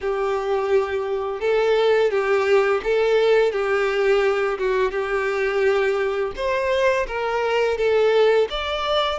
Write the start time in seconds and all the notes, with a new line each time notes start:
0.00 G4
1.40 A4
2.10 G4
2.83 A4
3.52 G4
4.58 F#4
4.91 G4
6.35 C5
7.07 A#4
7.77 A4
8.49 D5